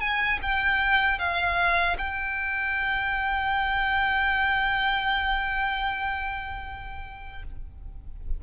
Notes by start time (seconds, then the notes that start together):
0.00 G#5
0.42 G5
1.19 F5
1.98 G5